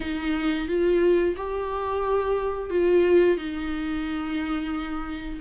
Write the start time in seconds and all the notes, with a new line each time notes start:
0.00 D#4
0.67 F4
1.36 G4
2.70 F4
3.37 D#4